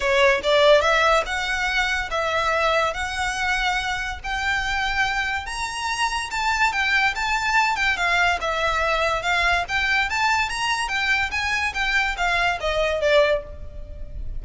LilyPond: \new Staff \with { instrumentName = "violin" } { \time 4/4 \tempo 4 = 143 cis''4 d''4 e''4 fis''4~ | fis''4 e''2 fis''4~ | fis''2 g''2~ | g''4 ais''2 a''4 |
g''4 a''4. g''8 f''4 | e''2 f''4 g''4 | a''4 ais''4 g''4 gis''4 | g''4 f''4 dis''4 d''4 | }